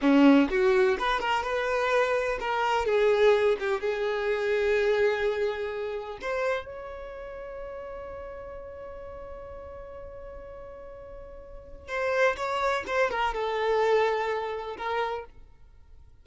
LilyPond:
\new Staff \with { instrumentName = "violin" } { \time 4/4 \tempo 4 = 126 cis'4 fis'4 b'8 ais'8 b'4~ | b'4 ais'4 gis'4. g'8 | gis'1~ | gis'4 c''4 cis''2~ |
cis''1~ | cis''1~ | cis''4 c''4 cis''4 c''8 ais'8 | a'2. ais'4 | }